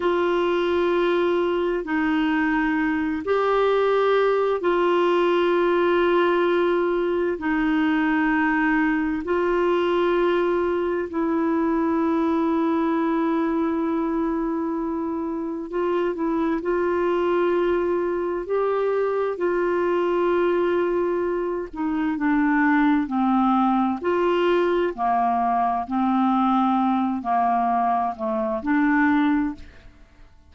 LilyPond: \new Staff \with { instrumentName = "clarinet" } { \time 4/4 \tempo 4 = 65 f'2 dis'4. g'8~ | g'4 f'2. | dis'2 f'2 | e'1~ |
e'4 f'8 e'8 f'2 | g'4 f'2~ f'8 dis'8 | d'4 c'4 f'4 ais4 | c'4. ais4 a8 d'4 | }